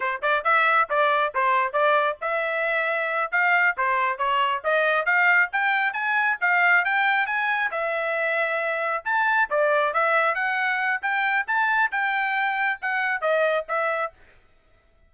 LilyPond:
\new Staff \with { instrumentName = "trumpet" } { \time 4/4 \tempo 4 = 136 c''8 d''8 e''4 d''4 c''4 | d''4 e''2~ e''8 f''8~ | f''8 c''4 cis''4 dis''4 f''8~ | f''8 g''4 gis''4 f''4 g''8~ |
g''8 gis''4 e''2~ e''8~ | e''8 a''4 d''4 e''4 fis''8~ | fis''4 g''4 a''4 g''4~ | g''4 fis''4 dis''4 e''4 | }